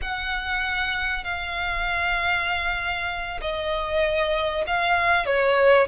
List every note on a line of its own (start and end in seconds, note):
0.01 1.23 F#5
1.23 3.40 F5
3.41 4.64 D#5
4.66 5.25 F5
5.25 5.87 C#5